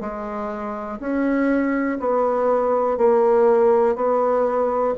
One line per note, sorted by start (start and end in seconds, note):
0.00 0.98 G#3
1.00 1.98 C#4
1.99 2.97 B3
2.97 3.95 A#3
3.95 4.94 B3